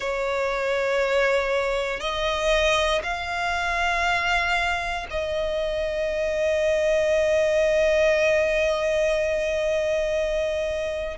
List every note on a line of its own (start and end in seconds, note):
0.00 2.00 C#5
2.00 3.01 D#5
3.03 5.06 F5
5.10 11.17 D#5